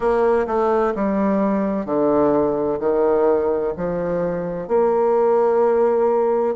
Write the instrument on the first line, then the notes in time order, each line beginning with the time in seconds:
bassoon
0.00 A#3
0.46 A3
0.95 G3
1.85 D3
2.79 D#3
3.76 F3
4.67 A#3